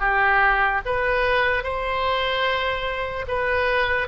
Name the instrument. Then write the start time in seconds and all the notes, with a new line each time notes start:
oboe
0.00 G4
0.86 B4
1.63 C5
3.28 B4